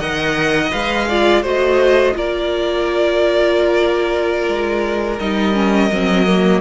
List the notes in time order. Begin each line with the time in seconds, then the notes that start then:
0.00 D#3 A#4 D#5 F#5
0.72 G#3 B4 F5
1.09 F4 D5
1.43 A3 F#4 C5 D#5
2.14 A#3 F4 A#4 D5
4.48 G#3
5.19 G3 D#4 D#5
5.54 C#4
5.92 F#3 C4
6.27 A#3